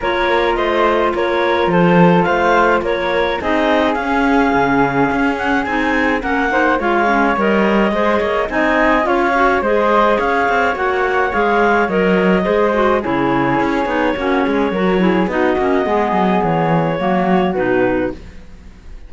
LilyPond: <<
  \new Staff \with { instrumentName = "clarinet" } { \time 4/4 \tempo 4 = 106 cis''4 dis''4 cis''4 c''4 | f''4 cis''4 dis''4 f''4~ | f''4. fis''8 gis''4 fis''4 | f''4 dis''2 gis''4 |
f''4 dis''4 f''4 fis''4 | f''4 dis''2 cis''4~ | cis''2. dis''4~ | dis''4 cis''2 b'4 | }
  \new Staff \with { instrumentName = "flute" } { \time 4/4 ais'4 c''4 ais'4 a'4 | c''4 ais'4 gis'2~ | gis'2. ais'8 c''8 | cis''2 c''8 cis''8 dis''4 |
cis''4 c''4 cis''2~ | cis''2 c''4 gis'4~ | gis'4 fis'8 gis'8 ais'8 gis'8 fis'4 | gis'2 fis'2 | }
  \new Staff \with { instrumentName = "clarinet" } { \time 4/4 f'1~ | f'2 dis'4 cis'4~ | cis'2 dis'4 cis'8 dis'8 | f'8 cis'8 ais'4 gis'4 dis'4 |
f'8 fis'8 gis'2 fis'4 | gis'4 ais'4 gis'8 fis'8 e'4~ | e'8 dis'8 cis'4 fis'8 e'8 dis'8 cis'8 | b2 ais4 dis'4 | }
  \new Staff \with { instrumentName = "cello" } { \time 4/4 ais4 a4 ais4 f4 | a4 ais4 c'4 cis'4 | cis4 cis'4 c'4 ais4 | gis4 g4 gis8 ais8 c'4 |
cis'4 gis4 cis'8 c'8 ais4 | gis4 fis4 gis4 cis4 | cis'8 b8 ais8 gis8 fis4 b8 ais8 | gis8 fis8 e4 fis4 b,4 | }
>>